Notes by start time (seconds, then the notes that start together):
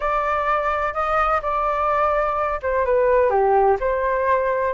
0.00 D5
0.93 D#5
1.42 D5
2.62 C5
2.85 B4
3.29 G4
3.80 C5